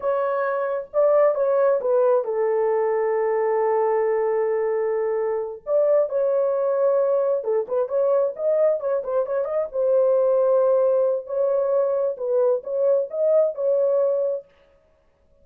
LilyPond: \new Staff \with { instrumentName = "horn" } { \time 4/4 \tempo 4 = 133 cis''2 d''4 cis''4 | b'4 a'2.~ | a'1~ | a'8 d''4 cis''2~ cis''8~ |
cis''8 a'8 b'8 cis''4 dis''4 cis''8 | c''8 cis''8 dis''8 c''2~ c''8~ | c''4 cis''2 b'4 | cis''4 dis''4 cis''2 | }